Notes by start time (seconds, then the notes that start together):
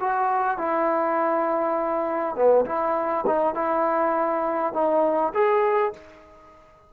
0.00 F#4
0.58 E4
2.35 B3
2.65 E4
3.26 D#4
3.54 E4
4.73 D#4
5.33 G#4